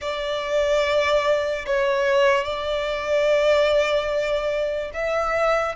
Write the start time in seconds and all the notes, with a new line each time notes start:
0.01 D5
1.66 C#5
2.44 D5
4.93 E5